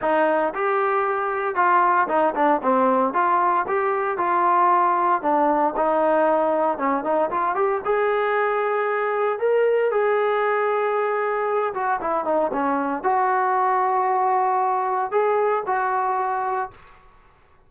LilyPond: \new Staff \with { instrumentName = "trombone" } { \time 4/4 \tempo 4 = 115 dis'4 g'2 f'4 | dis'8 d'8 c'4 f'4 g'4 | f'2 d'4 dis'4~ | dis'4 cis'8 dis'8 f'8 g'8 gis'4~ |
gis'2 ais'4 gis'4~ | gis'2~ gis'8 fis'8 e'8 dis'8 | cis'4 fis'2.~ | fis'4 gis'4 fis'2 | }